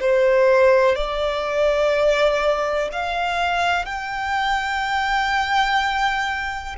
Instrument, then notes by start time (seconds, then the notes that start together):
violin
0.00 C5
0.95 D5
2.92 F5
3.85 G5